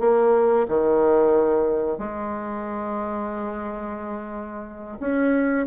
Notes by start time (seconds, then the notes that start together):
0.00 A#3
0.68 D#3
1.98 G#3
5.00 C#4